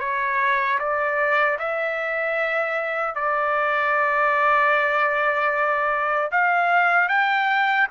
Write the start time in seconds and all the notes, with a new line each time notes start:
0.00 C#5
0.79 D5
1.59 E5
3.15 D5
6.32 F5
7.09 G5